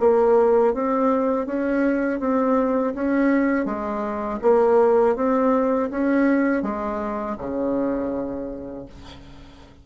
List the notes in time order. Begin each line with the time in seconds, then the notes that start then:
0.00 A#3
0.74 C4
1.46 C#4
2.20 C4
2.95 C#4
3.65 G#3
4.42 A#3
5.16 C4
5.91 C#4
6.63 G#3
7.38 C#3